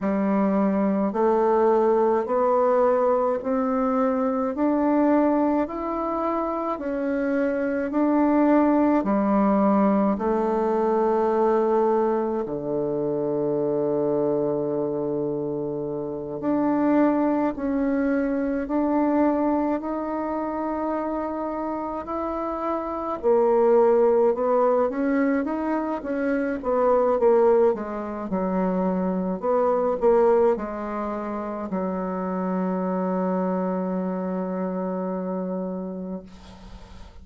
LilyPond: \new Staff \with { instrumentName = "bassoon" } { \time 4/4 \tempo 4 = 53 g4 a4 b4 c'4 | d'4 e'4 cis'4 d'4 | g4 a2 d4~ | d2~ d8 d'4 cis'8~ |
cis'8 d'4 dis'2 e'8~ | e'8 ais4 b8 cis'8 dis'8 cis'8 b8 | ais8 gis8 fis4 b8 ais8 gis4 | fis1 | }